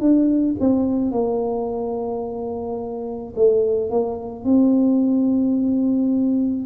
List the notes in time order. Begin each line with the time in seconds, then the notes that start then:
0.00 D4
0.60 C4
1.12 A#3
3.36 A3
3.90 A#3
4.44 C4